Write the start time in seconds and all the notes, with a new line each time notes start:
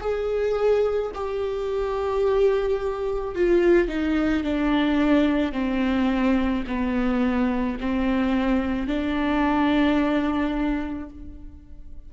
0.00 G#4
1.14 G4
3.35 F4
3.87 D#4
4.43 D4
5.52 C4
6.67 B3
7.80 C4
8.87 D4